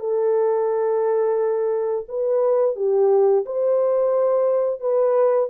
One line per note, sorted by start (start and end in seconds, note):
0.00 2.07 A4
2.09 2.76 B4
2.76 3.45 G4
3.46 4.81 C5
4.81 5.50 B4